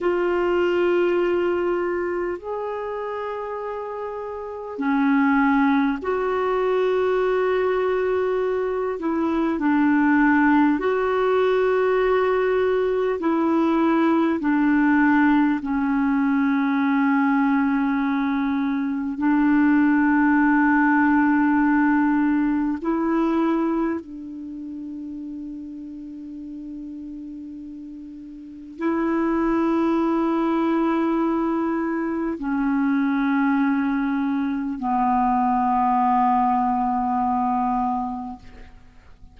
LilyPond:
\new Staff \with { instrumentName = "clarinet" } { \time 4/4 \tempo 4 = 50 f'2 gis'2 | cis'4 fis'2~ fis'8 e'8 | d'4 fis'2 e'4 | d'4 cis'2. |
d'2. e'4 | d'1 | e'2. cis'4~ | cis'4 b2. | }